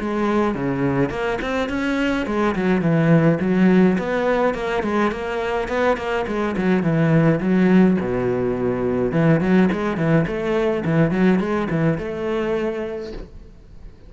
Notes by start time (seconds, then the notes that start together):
0.00 G#3
0.55 C#3
1.10 A#3
1.42 C4
1.69 C#4
2.26 G#3
2.56 F#3
2.82 E3
3.41 F#3
3.98 B3
4.55 A#3
4.83 G#3
5.11 A#3
5.69 B3
5.97 A#3
6.27 G#3
6.57 F#3
6.83 E3
7.41 F#3
8.01 B2
9.12 E3
9.41 F#3
9.72 G#3
9.97 E3
10.27 A3
10.85 E3
11.11 F#3
11.39 G#3
11.71 E3
11.98 A3